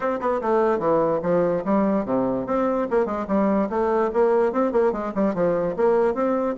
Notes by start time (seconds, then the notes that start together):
0.00 C4
0.20 B3
0.41 A3
0.78 E3
1.22 F3
1.64 G3
2.05 C3
2.46 C4
2.90 A#3
3.05 G#3
3.27 G3
3.69 A3
4.13 A#3
4.52 C4
4.72 A#3
4.92 G#3
5.15 G3
5.34 F3
5.76 A#3
6.14 C4